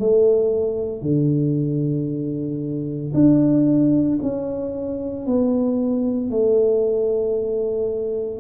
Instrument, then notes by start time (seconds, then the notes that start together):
tuba
0.00 A3
1.02 D3
3.14 D4
4.23 C#4
5.27 B3
6.31 A3